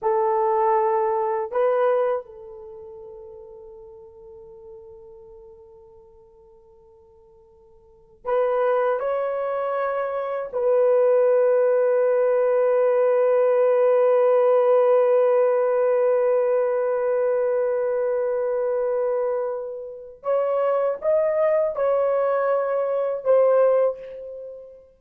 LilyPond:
\new Staff \with { instrumentName = "horn" } { \time 4/4 \tempo 4 = 80 a'2 b'4 a'4~ | a'1~ | a'2. b'4 | cis''2 b'2~ |
b'1~ | b'1~ | b'2. cis''4 | dis''4 cis''2 c''4 | }